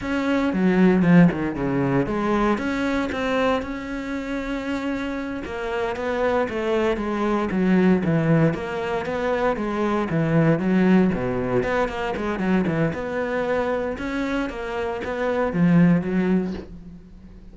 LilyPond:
\new Staff \with { instrumentName = "cello" } { \time 4/4 \tempo 4 = 116 cis'4 fis4 f8 dis8 cis4 | gis4 cis'4 c'4 cis'4~ | cis'2~ cis'8 ais4 b8~ | b8 a4 gis4 fis4 e8~ |
e8 ais4 b4 gis4 e8~ | e8 fis4 b,4 b8 ais8 gis8 | fis8 e8 b2 cis'4 | ais4 b4 f4 fis4 | }